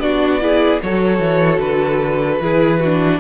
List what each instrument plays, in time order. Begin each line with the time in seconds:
0.00 cello B3, viola D4, violin F#4 D5
0.41 viola E4, violin G#4
0.83 cello F#3, viola F#4, violin A4 C#5
1.20 cello E3
1.60 cello D3, violin B4
2.40 cello E3, viola E4, violin G#4
2.80 viola D4, violin F#4